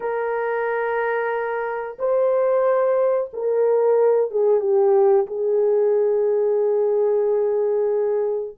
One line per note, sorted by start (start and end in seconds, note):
0.00 1.97 A#4
1.98 3.30 C5
3.33 4.30 A#4
4.30 4.60 G#4
4.60 5.26 G4
5.27 8.56 G#4